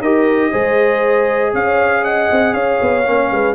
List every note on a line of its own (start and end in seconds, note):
0.00 0.50 D#4
0.00 0.52 G4
0.00 0.51 A#4
0.00 1.53 D#5
0.51 1.53 G#3
0.51 3.04 G#4
0.51 1.51 C5
1.51 2.29 C#4
1.51 2.02 C#5
1.51 2.04 F5
2.03 2.53 D#5
2.03 2.53 F#5
2.31 2.53 C4
2.53 2.78 C#4
2.53 3.28 C#5
2.53 3.54 F5
2.81 3.06 B3
3.06 3.31 A#3
3.06 3.54 C#4
3.30 3.54 G#3
3.30 3.54 B4